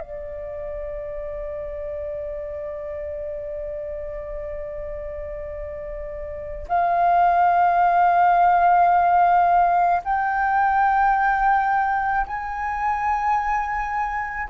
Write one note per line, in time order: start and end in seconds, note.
0.00 6.67 D5
6.69 10.02 F5
10.04 12.26 G5
12.27 14.49 G#5